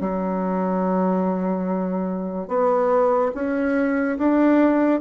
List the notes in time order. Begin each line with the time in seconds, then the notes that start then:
0.00 F#3
2.48 B3
3.34 C#4
4.18 D4